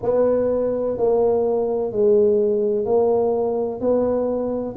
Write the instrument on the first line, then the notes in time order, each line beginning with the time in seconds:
tuba
0.02 B3
0.97 A#3
1.91 G#3
2.85 A#3
3.80 B3